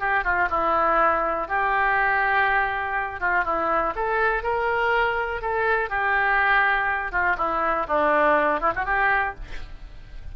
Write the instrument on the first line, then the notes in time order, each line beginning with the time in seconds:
oboe
0.00 G4
0.24 F4
0.50 E4
1.48 G4
3.20 F4
3.45 E4
3.95 A4
4.43 A#4
5.42 A4
5.89 G4
7.12 F4
7.37 E4
7.88 D4
8.60 E4
8.76 F#4
8.85 G4